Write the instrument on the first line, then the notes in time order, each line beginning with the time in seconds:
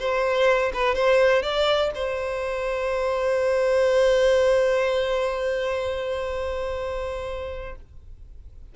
violin
0.00 C5
0.74 B4
0.95 C5
1.43 D5
1.95 C5